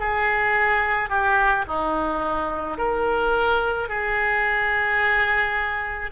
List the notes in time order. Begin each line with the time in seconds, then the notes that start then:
0.00 G#4
1.09 G4
1.67 D#4
2.78 A#4
3.89 G#4